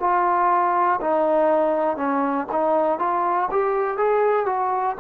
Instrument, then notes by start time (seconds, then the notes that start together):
trombone
0.00 F4
1.01 D#4
1.97 C#4
2.52 D#4
2.99 F4
3.51 G4
3.98 G#4
4.46 F#4